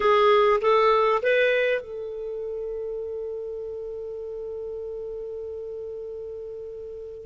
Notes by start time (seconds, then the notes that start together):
0.00 G#4
0.61 A4
1.22 B4
1.81 A4